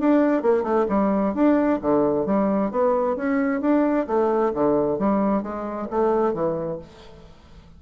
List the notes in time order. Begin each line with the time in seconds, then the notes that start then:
0.00 D4
0.42 A#3
0.63 A3
0.89 G3
1.34 D4
1.82 D3
2.26 G3
2.71 B3
3.16 C#4
3.61 D4
4.07 A3
4.54 D3
4.99 G3
5.43 G#3
5.90 A3
6.34 E3